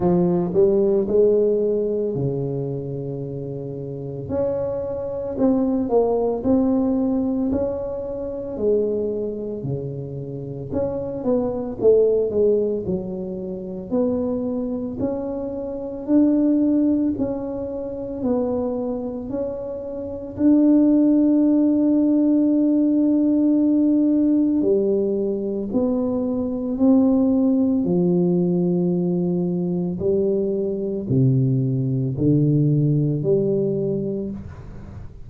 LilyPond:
\new Staff \with { instrumentName = "tuba" } { \time 4/4 \tempo 4 = 56 f8 g8 gis4 cis2 | cis'4 c'8 ais8 c'4 cis'4 | gis4 cis4 cis'8 b8 a8 gis8 | fis4 b4 cis'4 d'4 |
cis'4 b4 cis'4 d'4~ | d'2. g4 | b4 c'4 f2 | g4 c4 d4 g4 | }